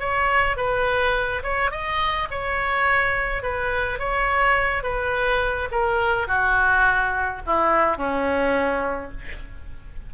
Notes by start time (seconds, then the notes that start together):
0.00 C#5
0.57 B4
1.43 C#5
1.71 D#5
2.31 C#5
3.43 B4
3.99 C#5
4.83 B4
5.71 A#4
6.28 F#4
7.46 E4
7.97 C#4